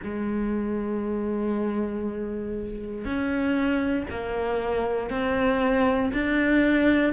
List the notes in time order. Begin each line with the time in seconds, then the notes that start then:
0.03 G#3
3.05 C#4
4.10 A#3
5.10 C4
6.13 D4